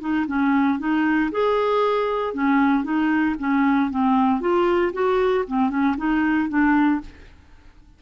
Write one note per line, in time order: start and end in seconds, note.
0.00 0.26 D#4
0.27 0.79 C#4
0.79 1.31 D#4
1.32 2.34 G#4
2.34 2.84 C#4
2.84 3.36 D#4
3.39 3.91 C#4
3.91 4.41 C4
4.41 4.92 F4
4.93 5.45 F#4
5.48 5.70 C4
5.70 5.96 C#4
5.97 6.49 D#4
6.49 7.01 D4